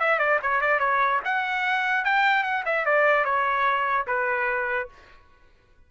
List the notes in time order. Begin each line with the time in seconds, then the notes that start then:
0.00 E5
0.19 D5
0.42 C#5
0.61 D5
0.80 C#5
1.25 F#5
2.05 G5
2.44 F#5
2.66 E5
2.86 D5
3.25 C#5
4.07 B4